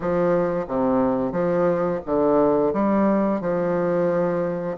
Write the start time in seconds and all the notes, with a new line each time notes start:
0.00 F3
0.67 C3
1.31 F3
2.05 D3
2.73 G3
3.41 F3